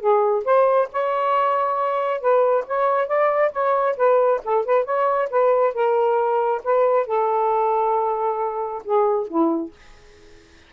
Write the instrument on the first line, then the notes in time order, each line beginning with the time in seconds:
saxophone
0.00 G#4
0.45 C5
0.92 C#5
2.20 B4
2.67 C#5
3.07 D5
3.52 C#5
3.96 B4
4.44 A4
4.65 B4
4.84 C#5
5.30 B4
5.74 A#4
6.64 B4
7.06 A4
8.84 G#4
9.27 E4